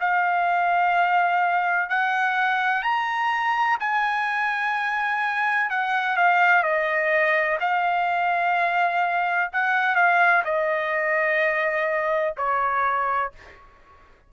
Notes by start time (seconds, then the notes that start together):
0.00 F5
1.89 F#5
2.82 A#5
3.79 G#5
5.70 F#5
6.16 F5
6.63 D#5
7.60 F5
9.52 F#5
9.95 F5
10.44 D#5
12.37 C#5